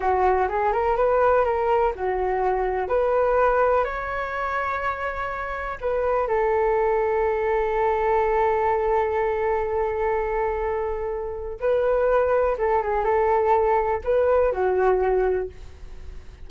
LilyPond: \new Staff \with { instrumentName = "flute" } { \time 4/4 \tempo 4 = 124 fis'4 gis'8 ais'8 b'4 ais'4 | fis'2 b'2 | cis''1 | b'4 a'2.~ |
a'1~ | a'1 | b'2 a'8 gis'8 a'4~ | a'4 b'4 fis'2 | }